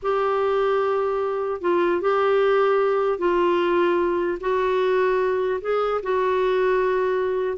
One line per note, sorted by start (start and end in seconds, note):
0.02 1.61 G4
1.61 2.01 F4
2.01 3.18 G4
3.18 4.38 F4
4.40 5.60 F#4
5.61 6.01 G#4
6.02 7.57 F#4